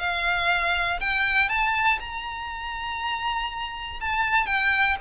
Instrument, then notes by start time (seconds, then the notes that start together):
violin
0.00 F5
1.00 G5
1.50 A5
2.00 A#5
4.01 A5
4.47 G5